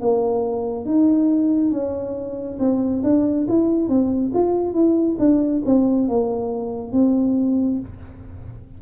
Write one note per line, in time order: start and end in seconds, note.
0.00 0.85 A#3
0.85 1.71 D#4
1.71 2.58 C#4
2.59 3.02 C4
3.03 3.47 D4
3.48 3.89 E4
3.89 4.32 C4
4.34 4.74 F4
4.74 5.17 E4
5.19 5.62 D4
5.65 6.08 C4
6.08 6.92 A#3
6.92 7.79 C4